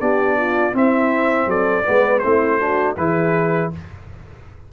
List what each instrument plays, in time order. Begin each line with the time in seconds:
0.00 tuba B3, trombone D4, horn G4, trumpet D5
0.37 horn F4
0.73 trombone C4, tuba C4, horn E4, trumpet E5
1.46 tuba F#3, horn A4, trumpet D5
1.83 tuba G#3, trombone B3, horn B4
2.19 tuba A3, trombone C4, horn E4, trumpet C5
2.59 trombone D4, horn F#4
2.97 tuba E3, trombone E4, horn G#4, trumpet B4